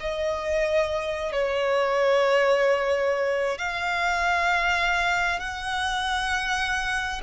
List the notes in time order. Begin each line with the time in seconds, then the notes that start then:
0.00 D#5
1.32 C#5
3.58 F5
5.39 F#5